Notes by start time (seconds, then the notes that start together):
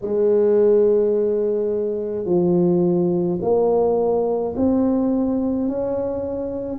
0.01 G#3
2.25 F3
3.41 A#3
4.56 C4
5.68 C#4